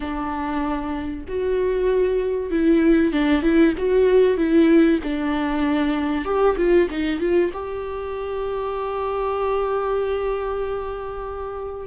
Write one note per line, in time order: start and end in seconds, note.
0.00 1.25 D4
1.28 2.50 F#4
2.50 3.12 E4
3.12 3.42 D4
3.42 3.73 E4
3.77 4.37 F#4
4.37 4.99 E4
5.03 6.24 D4
6.24 6.56 G4
6.57 6.88 F4
6.90 7.20 D#4
7.20 7.51 F4
7.53 11.87 G4